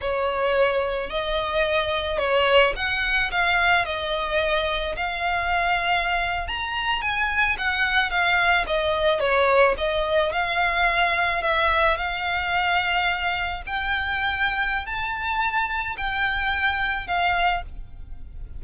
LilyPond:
\new Staff \with { instrumentName = "violin" } { \time 4/4 \tempo 4 = 109 cis''2 dis''2 | cis''4 fis''4 f''4 dis''4~ | dis''4 f''2~ f''8. ais''16~ | ais''8. gis''4 fis''4 f''4 dis''16~ |
dis''8. cis''4 dis''4 f''4~ f''16~ | f''8. e''4 f''2~ f''16~ | f''8. g''2~ g''16 a''4~ | a''4 g''2 f''4 | }